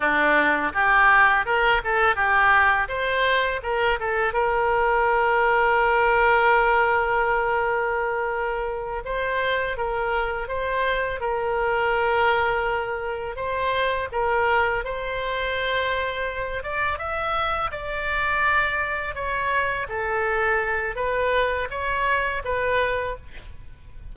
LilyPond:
\new Staff \with { instrumentName = "oboe" } { \time 4/4 \tempo 4 = 83 d'4 g'4 ais'8 a'8 g'4 | c''4 ais'8 a'8 ais'2~ | ais'1~ | ais'8 c''4 ais'4 c''4 ais'8~ |
ais'2~ ais'8 c''4 ais'8~ | ais'8 c''2~ c''8 d''8 e''8~ | e''8 d''2 cis''4 a'8~ | a'4 b'4 cis''4 b'4 | }